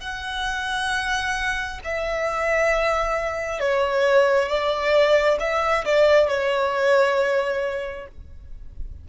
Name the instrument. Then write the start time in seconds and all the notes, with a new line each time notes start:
violin
0.00 F#5
1.84 E5
3.59 C#5
4.48 D5
5.39 E5
5.85 D5
6.28 C#5